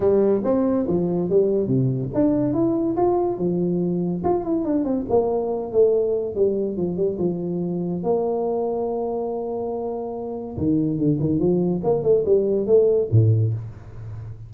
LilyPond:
\new Staff \with { instrumentName = "tuba" } { \time 4/4 \tempo 4 = 142 g4 c'4 f4 g4 | c4 d'4 e'4 f'4 | f2 f'8 e'8 d'8 c'8 | ais4. a4. g4 |
f8 g8 f2 ais4~ | ais1~ | ais4 dis4 d8 dis8 f4 | ais8 a8 g4 a4 a,4 | }